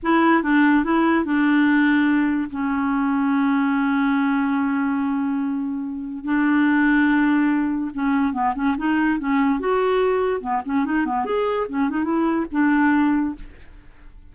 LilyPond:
\new Staff \with { instrumentName = "clarinet" } { \time 4/4 \tempo 4 = 144 e'4 d'4 e'4 d'4~ | d'2 cis'2~ | cis'1~ | cis'2. d'4~ |
d'2. cis'4 | b8 cis'8 dis'4 cis'4 fis'4~ | fis'4 b8 cis'8 dis'8 b8 gis'4 | cis'8 dis'8 e'4 d'2 | }